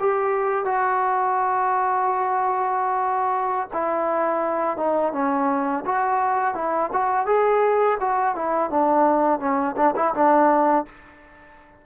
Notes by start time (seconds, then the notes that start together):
0.00 G4
0.65 F#4
3.73 E4
4.77 D#4
5.13 C#4
5.86 F#4
6.55 E4
6.93 F#4
7.26 G#4
8.01 F#4
8.35 E4
8.71 D4
9.40 C#4
9.77 D4
9.96 E4
10.14 D4